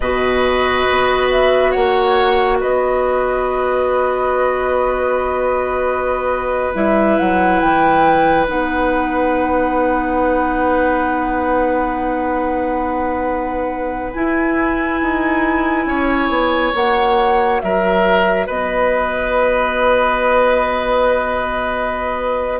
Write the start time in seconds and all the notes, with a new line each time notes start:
0.00 B2 F#4 B4 D#5
0.90 B3
1.31 E5
1.71 A#3 C#5 F#5
2.59 B3 B4 D#5
6.74 G3 E4 E5
7.18 F#3 F#5
7.59 E3 G5
8.46 B3 D#4 F#5
14.12 E4 G#5
15.01 D#4
15.86 C#4 C#5
16.28 B3
16.72 A#3 F#4 F#5
17.60 F#3 A#4 E5
18.46 B3 B4 D#5